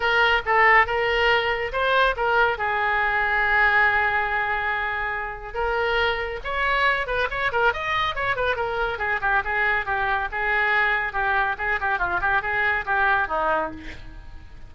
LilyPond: \new Staff \with { instrumentName = "oboe" } { \time 4/4 \tempo 4 = 140 ais'4 a'4 ais'2 | c''4 ais'4 gis'2~ | gis'1~ | gis'4 ais'2 cis''4~ |
cis''8 b'8 cis''8 ais'8 dis''4 cis''8 b'8 | ais'4 gis'8 g'8 gis'4 g'4 | gis'2 g'4 gis'8 g'8 | f'8 g'8 gis'4 g'4 dis'4 | }